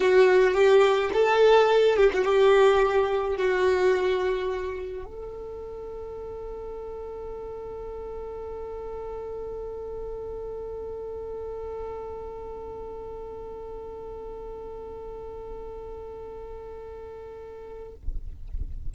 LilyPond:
\new Staff \with { instrumentName = "violin" } { \time 4/4 \tempo 4 = 107 fis'4 g'4 a'4. g'16 fis'16 | g'2 fis'2~ | fis'4 a'2.~ | a'1~ |
a'1~ | a'1~ | a'1~ | a'1 | }